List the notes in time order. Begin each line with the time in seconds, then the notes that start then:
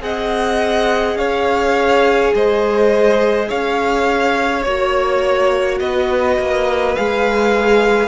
0.00 C4 G#4 D#5 F#5
1.15 C#4 C#5 F5
2.34 G#3 C5 D#5
3.48 C#4 C#5 F5
4.62 A#3 F#4 C#5
5.79 B3 B4 D#5
6.38 A#3
6.95 G#3 G#4 F5